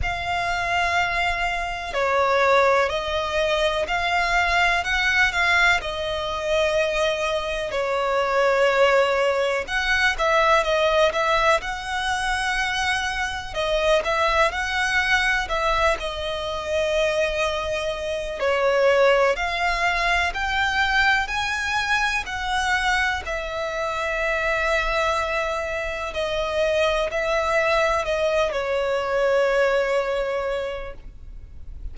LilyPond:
\new Staff \with { instrumentName = "violin" } { \time 4/4 \tempo 4 = 62 f''2 cis''4 dis''4 | f''4 fis''8 f''8 dis''2 | cis''2 fis''8 e''8 dis''8 e''8 | fis''2 dis''8 e''8 fis''4 |
e''8 dis''2~ dis''8 cis''4 | f''4 g''4 gis''4 fis''4 | e''2. dis''4 | e''4 dis''8 cis''2~ cis''8 | }